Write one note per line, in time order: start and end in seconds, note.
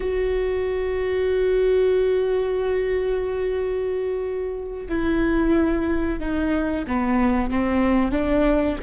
0.00 4.87 F#4
4.89 6.19 E4
6.19 6.84 D#4
6.87 7.50 B3
7.50 8.11 C4
8.11 8.77 D4